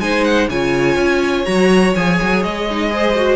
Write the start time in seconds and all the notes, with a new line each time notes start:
0.00 G#3 D#4 C5 G#5
0.24 F#5
0.49 C#3 F4 C#5 G#5
0.96 C#4
1.45 F#3 F#4 A#5
1.95 F3 G#4 G#5
2.22 F#3
2.43 G#3 D#5
2.70 D#4
2.90 G#4 C5
3.16 F#4